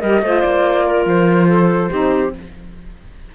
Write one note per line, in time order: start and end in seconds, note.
0.00 0.22 G3
0.00 0.23 G4
0.00 0.22 A#4
0.00 0.41 D#5
0.22 0.43 A3
0.22 1.90 F4
0.22 0.85 C5
0.41 1.05 A#3
0.41 1.04 D5
0.85 1.48 A#4
1.05 1.90 F3
1.05 2.34 C5
1.48 1.90 A4
1.90 2.34 C4
1.90 2.32 D#4
1.90 2.32 G4